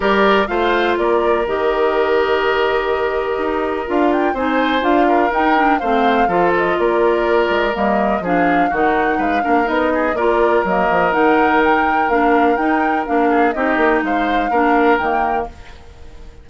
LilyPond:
<<
  \new Staff \with { instrumentName = "flute" } { \time 4/4 \tempo 4 = 124 d''4 f''4 d''4 dis''4~ | dis''1 | f''8 g''8 gis''4 f''4 g''4 | f''4. dis''8 d''2 |
dis''4 f''4 fis''4 f''4 | dis''4 d''4 dis''4 fis''4 | g''4 f''4 g''4 f''4 | dis''4 f''2 g''4 | }
  \new Staff \with { instrumentName = "oboe" } { \time 4/4 ais'4 c''4 ais'2~ | ais'1~ | ais'4 c''4. ais'4. | c''4 a'4 ais'2~ |
ais'4 gis'4 fis'4 b'8 ais'8~ | ais'8 gis'8 ais'2.~ | ais'2.~ ais'8 gis'8 | g'4 c''4 ais'2 | }
  \new Staff \with { instrumentName = "clarinet" } { \time 4/4 g'4 f'2 g'4~ | g'1 | f'4 dis'4 f'4 dis'8 d'8 | c'4 f'2. |
ais4 d'4 dis'4. d'8 | dis'4 f'4 ais4 dis'4~ | dis'4 d'4 dis'4 d'4 | dis'2 d'4 ais4 | }
  \new Staff \with { instrumentName = "bassoon" } { \time 4/4 g4 a4 ais4 dis4~ | dis2. dis'4 | d'4 c'4 d'4 dis'4 | a4 f4 ais4. gis8 |
g4 f4 dis4 gis8 ais8 | b4 ais4 fis8 f8 dis4~ | dis4 ais4 dis'4 ais4 | c'8 ais8 gis4 ais4 dis4 | }
>>